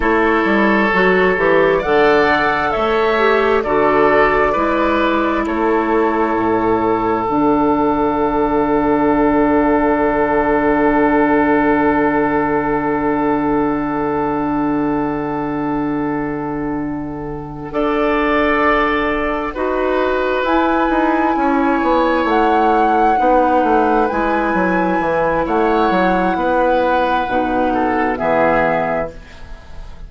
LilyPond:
<<
  \new Staff \with { instrumentName = "flute" } { \time 4/4 \tempo 4 = 66 cis''2 fis''4 e''4 | d''2 cis''2 | fis''1~ | fis''1~ |
fis''1~ | fis''2~ fis''8 gis''4.~ | gis''8 fis''2 gis''4. | fis''2. e''4 | }
  \new Staff \with { instrumentName = "oboe" } { \time 4/4 a'2 d''4 cis''4 | a'4 b'4 a'2~ | a'1~ | a'1~ |
a'2.~ a'8 d''8~ | d''4. b'2 cis''8~ | cis''4. b'2~ b'8 | cis''4 b'4. a'8 gis'4 | }
  \new Staff \with { instrumentName = "clarinet" } { \time 4/4 e'4 fis'8 g'8 a'4. g'8 | fis'4 e'2. | d'1~ | d'1~ |
d'2.~ d'8 a'8~ | a'4. fis'4 e'4.~ | e'4. dis'4 e'4.~ | e'2 dis'4 b4 | }
  \new Staff \with { instrumentName = "bassoon" } { \time 4/4 a8 g8 fis8 e8 d4 a4 | d4 gis4 a4 a,4 | d1~ | d1~ |
d2.~ d8 d'8~ | d'4. dis'4 e'8 dis'8 cis'8 | b8 a4 b8 a8 gis8 fis8 e8 | a8 fis8 b4 b,4 e4 | }
>>